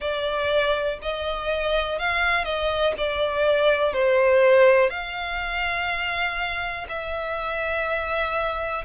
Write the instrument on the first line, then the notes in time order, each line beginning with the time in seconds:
violin
0.00 D5
1.01 D#5
1.99 F5
2.44 D#5
2.97 D5
3.93 C5
4.90 F5
6.89 E5